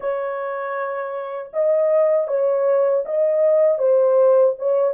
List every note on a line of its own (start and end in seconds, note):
0.00 1.51 C#5
1.53 2.27 D#5
2.27 3.03 C#5
3.05 3.78 D#5
3.78 4.54 C5
4.58 4.93 C#5